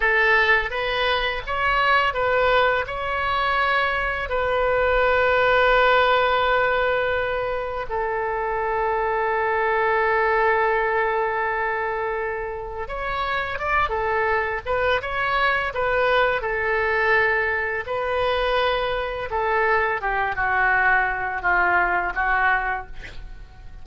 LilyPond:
\new Staff \with { instrumentName = "oboe" } { \time 4/4 \tempo 4 = 84 a'4 b'4 cis''4 b'4 | cis''2 b'2~ | b'2. a'4~ | a'1~ |
a'2 cis''4 d''8 a'8~ | a'8 b'8 cis''4 b'4 a'4~ | a'4 b'2 a'4 | g'8 fis'4. f'4 fis'4 | }